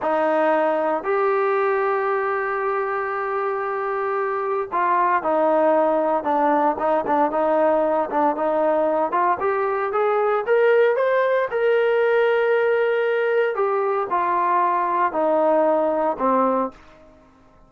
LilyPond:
\new Staff \with { instrumentName = "trombone" } { \time 4/4 \tempo 4 = 115 dis'2 g'2~ | g'1~ | g'4 f'4 dis'2 | d'4 dis'8 d'8 dis'4. d'8 |
dis'4. f'8 g'4 gis'4 | ais'4 c''4 ais'2~ | ais'2 g'4 f'4~ | f'4 dis'2 c'4 | }